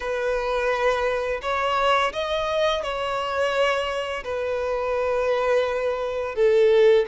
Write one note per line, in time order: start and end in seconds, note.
0.00 1.40 B4
1.41 2.12 C#5
2.12 2.82 D#5
2.82 4.24 C#5
4.24 6.35 B4
6.35 7.05 A4